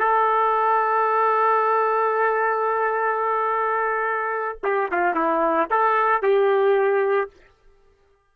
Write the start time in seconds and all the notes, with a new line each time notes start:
0.00 A4
4.63 G4
4.92 F4
5.15 E4
5.71 A4
6.22 G4